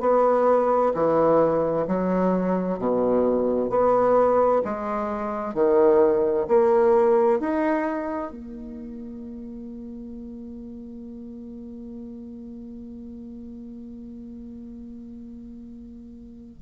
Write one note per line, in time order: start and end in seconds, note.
0.00 0.92 B3
0.94 1.86 E3
1.87 2.78 F#3
2.78 3.69 B2
3.69 4.62 B3
4.64 5.54 G#3
5.54 6.46 D#3
6.47 7.39 A#3
7.39 8.31 D#4
8.31 16.62 A#3